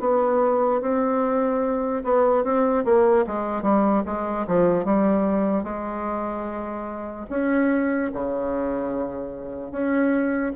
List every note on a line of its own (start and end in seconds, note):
0.00 0.81 B3
0.81 2.03 C4
2.04 2.44 B3
2.44 2.85 C4
2.85 3.25 A#3
3.27 3.63 G#3
3.63 4.03 G3
4.05 4.46 G#3
4.47 4.85 F3
4.85 5.64 G3
5.64 7.26 G#3
7.30 8.11 C#4
8.13 9.71 C#3
9.71 10.53 C#4